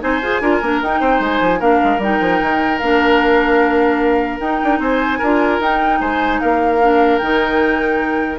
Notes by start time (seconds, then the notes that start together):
0.00 C4 D#4 C5 G#5
0.22 F4 G#4
0.42 D4 F4 A#4
0.62 A#3 D4
0.82 D#4 G5
1.01 C4 C5
1.20 G#3 G#5
1.41 F3
1.60 A#3 D4 A#4 F5
1.84 G#3
1.99 G3 D#4 G5
2.21 F3
2.42 D#3
2.79 A#3 D4 F5
4.40 D#4 G5
4.64 D4
4.79 C4 C5 G#5
5.19 D4 F4 A#4
5.60 D#4 G5
6.01 G#3 C5 G#5
6.41 A#3 A#4 F5
6.82 D4
7.19 D#3 D#4 G5